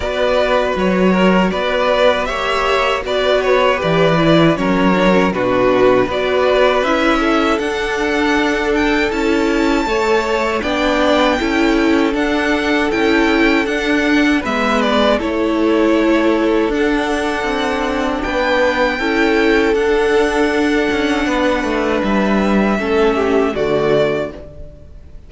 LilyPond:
<<
  \new Staff \with { instrumentName = "violin" } { \time 4/4 \tempo 4 = 79 d''4 cis''4 d''4 e''4 | d''8 cis''8 d''4 cis''4 b'4 | d''4 e''4 fis''4. g''8 | a''2 g''2 |
fis''4 g''4 fis''4 e''8 d''8 | cis''2 fis''2 | g''2 fis''2~ | fis''4 e''2 d''4 | }
  \new Staff \with { instrumentName = "violin" } { \time 4/4 b'4. ais'8 b'4 cis''4 | b'2 ais'4 fis'4 | b'4. a'2~ a'8~ | a'4 cis''4 d''4 a'4~ |
a'2. b'4 | a'1 | b'4 a'2. | b'2 a'8 g'8 fis'4 | }
  \new Staff \with { instrumentName = "viola" } { \time 4/4 fis'2. g'4 | fis'4 g'8 e'8 cis'8 d'16 cis'16 d'4 | fis'4 e'4 d'2 | e'4 a'4 d'4 e'4 |
d'4 e'4 d'4 b4 | e'2 d'2~ | d'4 e'4 d'2~ | d'2 cis'4 a4 | }
  \new Staff \with { instrumentName = "cello" } { \time 4/4 b4 fis4 b4 ais4 | b4 e4 fis4 b,4 | b4 cis'4 d'2 | cis'4 a4 b4 cis'4 |
d'4 cis'4 d'4 gis4 | a2 d'4 c'4 | b4 cis'4 d'4. cis'8 | b8 a8 g4 a4 d4 | }
>>